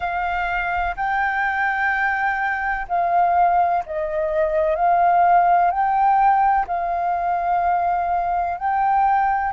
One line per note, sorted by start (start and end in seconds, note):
0.00 0.95 F5
0.96 2.87 G5
2.88 3.83 F5
3.86 4.75 D#5
4.75 5.70 F5
5.70 6.65 G5
6.67 8.57 F5
8.57 9.52 G5